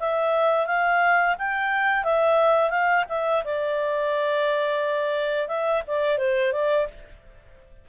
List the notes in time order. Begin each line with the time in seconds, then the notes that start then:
0.00 E5
0.67 F5
1.39 G5
2.04 E5
2.70 F5
3.09 E5
3.45 D5
5.48 E5
5.87 D5
6.18 C5
6.53 D5